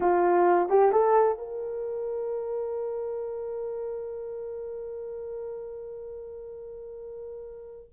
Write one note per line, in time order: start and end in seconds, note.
0.00 0.69 F4
0.69 0.92 G4
0.92 1.38 A4
1.38 7.89 A#4